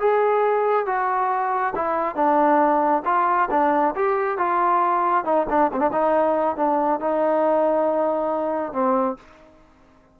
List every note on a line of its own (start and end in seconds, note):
0.00 0.86 G#4
0.86 1.74 F#4
1.76 2.15 E4
2.15 3.03 D4
3.05 3.49 F4
3.51 3.95 D4
3.96 4.38 G4
4.38 5.25 F4
5.25 5.47 D#4
5.50 5.72 D4
5.73 5.80 C4
5.80 5.91 D4
5.93 6.57 D#4
6.57 7.00 D4
7.00 8.73 D#4
8.73 9.17 C4